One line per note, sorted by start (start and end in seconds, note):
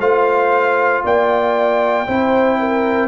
0.00 1.03 A3
0.00 2.07 F4
0.00 1.03 C5
0.00 1.04 F5
1.05 2.08 A#3
1.05 2.07 D5
1.05 3.09 G5
2.07 3.09 C4
2.07 3.09 E4
2.07 2.59 C5
2.60 3.09 A#4